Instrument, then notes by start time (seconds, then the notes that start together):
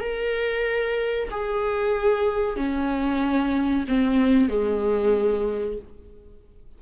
viola
0.00 A#4
1.31 G#4
2.56 C#4
3.88 C4
4.49 G#3